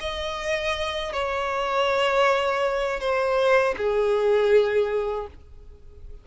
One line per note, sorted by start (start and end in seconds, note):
0.00 1.12 D#5
1.12 3.00 C#5
3.00 3.75 C5
3.77 5.27 G#4